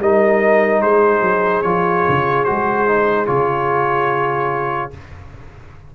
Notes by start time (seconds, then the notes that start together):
0.00 G3 D#4 A#4 D#5
0.81 G#3 G#4 C5
1.21 F#3
1.62 F3 F4 C#5
2.09 C#3
2.44 G#3 F#4 C5
2.87 D#4
3.27 C#3 F4 C#5